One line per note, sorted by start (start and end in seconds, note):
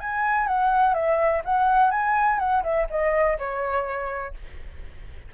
0.00 0.47 G#5
0.47 0.94 F#5
0.94 1.42 E5
1.45 1.91 F#5
1.91 2.39 G#5
2.39 2.63 F#5
2.63 2.87 E5
2.90 3.38 D#5
3.38 4.34 C#5